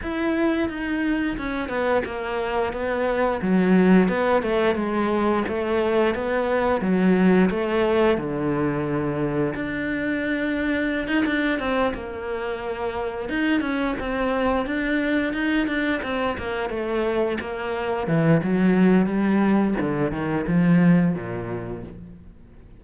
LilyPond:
\new Staff \with { instrumentName = "cello" } { \time 4/4 \tempo 4 = 88 e'4 dis'4 cis'8 b8 ais4 | b4 fis4 b8 a8 gis4 | a4 b4 fis4 a4 | d2 d'2~ |
d'16 dis'16 d'8 c'8 ais2 dis'8 | cis'8 c'4 d'4 dis'8 d'8 c'8 | ais8 a4 ais4 e8 fis4 | g4 d8 dis8 f4 ais,4 | }